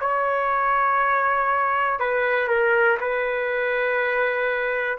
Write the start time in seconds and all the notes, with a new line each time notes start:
0.00 C#5
2.00 B4
2.48 A#4
3.00 B4